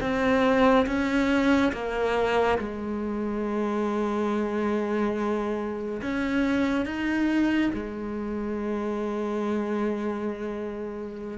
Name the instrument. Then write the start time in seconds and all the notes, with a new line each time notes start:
cello
0.00 C4
0.86 C#4
1.72 A#3
2.58 G#3
6.02 C#4
6.85 D#4
7.73 G#3